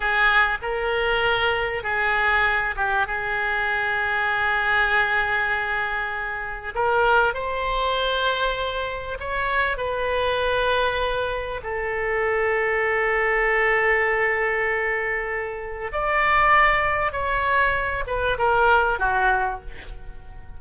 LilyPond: \new Staff \with { instrumentName = "oboe" } { \time 4/4 \tempo 4 = 98 gis'4 ais'2 gis'4~ | gis'8 g'8 gis'2.~ | gis'2. ais'4 | c''2. cis''4 |
b'2. a'4~ | a'1~ | a'2 d''2 | cis''4. b'8 ais'4 fis'4 | }